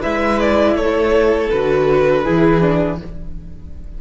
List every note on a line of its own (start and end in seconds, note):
0.00 0.75 G#3
0.00 1.50 E4
0.00 0.74 B4
0.00 0.40 E5
0.40 0.77 D5
0.75 1.50 A3
0.75 2.24 A4
0.75 1.51 C#5
1.51 2.27 D3
1.51 2.25 F#4
1.51 2.99 B4
2.24 3.02 E3
2.24 2.61 E4
2.24 2.98 G#4
2.61 2.98 D4